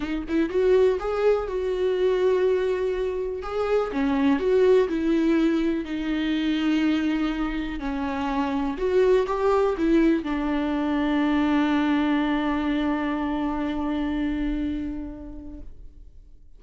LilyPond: \new Staff \with { instrumentName = "viola" } { \time 4/4 \tempo 4 = 123 dis'8 e'8 fis'4 gis'4 fis'4~ | fis'2. gis'4 | cis'4 fis'4 e'2 | dis'1 |
cis'2 fis'4 g'4 | e'4 d'2.~ | d'1~ | d'1 | }